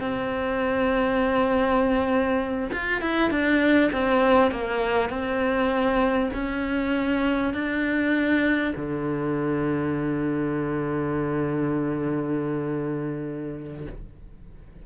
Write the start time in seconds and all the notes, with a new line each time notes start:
0.00 C4
2.72 F4
3.01 E4
3.30 D4
3.92 C4
4.51 A#3
5.09 C4
6.34 C#4
7.53 D4
8.76 D3